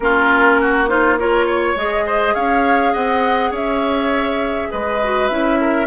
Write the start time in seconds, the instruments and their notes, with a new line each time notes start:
0.00 bassoon A#3, clarinet C#4, oboe F4, flute A#4
0.61 oboe F#4
0.87 clarinet D#4, oboe F4, flute C5
1.18 clarinet F4, oboe A#4, flute C#5
1.46 oboe C#5
1.75 bassoon G#3, clarinet G#4, flute D#5
2.06 oboe C5
2.34 bassoon C#4, oboe C#5, flute F5
2.92 bassoon C4, oboe D#5, flute F#5
3.50 bassoon C#4, oboe C#5, flute E5
4.71 bassoon G#3, oboe B4, flute D#5
5.03 clarinet F#4
5.28 bassoon C#4, clarinet E4, flute E5
5.60 oboe A#4